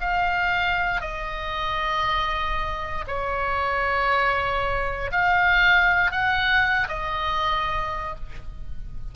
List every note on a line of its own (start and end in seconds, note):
0.00 1.01 F5
1.01 3.04 D#5
3.07 5.11 C#5
5.11 6.11 F5
6.11 6.87 F#5
6.88 8.15 D#5